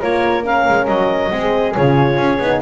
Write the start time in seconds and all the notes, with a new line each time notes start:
0.00 A#3 F4 A#4 C#5
0.44 C#4 F5
0.69 G#3
0.87 F#3 D#5
1.30 G#3 C4 G#4
1.75 C#3 F4 C#5
2.17 C#4
2.39 B3 D#4